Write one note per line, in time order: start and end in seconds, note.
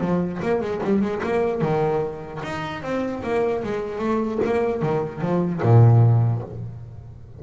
0.00 0.40 F3
0.42 0.61 A#3
0.61 0.81 G#3
0.83 1.01 G3
1.01 1.21 G#3
1.23 1.61 A#3
1.61 2.41 D#3
2.43 2.82 D#4
2.82 3.22 C4
3.23 3.63 A#3
3.63 3.99 G#3
3.99 4.39 A3
4.45 4.82 A#3
4.82 5.21 D#3
5.21 5.61 F3
5.62 6.42 A#2